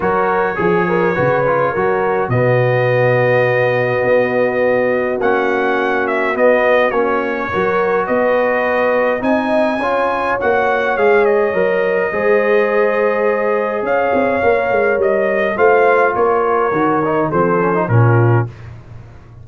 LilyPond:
<<
  \new Staff \with { instrumentName = "trumpet" } { \time 4/4 \tempo 4 = 104 cis''1 | dis''1~ | dis''4 fis''4. e''8 dis''4 | cis''2 dis''2 |
gis''2 fis''4 f''8 dis''8~ | dis''1 | f''2 dis''4 f''4 | cis''2 c''4 ais'4 | }
  \new Staff \with { instrumentName = "horn" } { \time 4/4 ais'4 gis'8 ais'8 b'4 ais'4 | fis'1~ | fis'1~ | fis'4 ais'4 b'2 |
dis''4 cis''2.~ | cis''4 c''2. | cis''2. c''4 | ais'2 a'4 f'4 | }
  \new Staff \with { instrumentName = "trombone" } { \time 4/4 fis'4 gis'4 fis'8 f'8 fis'4 | b1~ | b4 cis'2 b4 | cis'4 fis'2. |
dis'4 f'4 fis'4 gis'4 | ais'4 gis'2.~ | gis'4 ais'2 f'4~ | f'4 fis'8 dis'8 c'8 cis'16 dis'16 cis'4 | }
  \new Staff \with { instrumentName = "tuba" } { \time 4/4 fis4 f4 cis4 fis4 | b,2. b4~ | b4 ais2 b4 | ais4 fis4 b2 |
c'4 cis'4 ais4 gis4 | fis4 gis2. | cis'8 c'8 ais8 gis8 g4 a4 | ais4 dis4 f4 ais,4 | }
>>